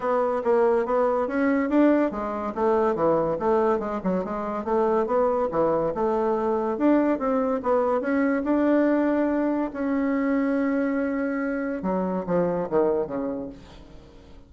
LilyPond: \new Staff \with { instrumentName = "bassoon" } { \time 4/4 \tempo 4 = 142 b4 ais4 b4 cis'4 | d'4 gis4 a4 e4 | a4 gis8 fis8 gis4 a4 | b4 e4 a2 |
d'4 c'4 b4 cis'4 | d'2. cis'4~ | cis'1 | fis4 f4 dis4 cis4 | }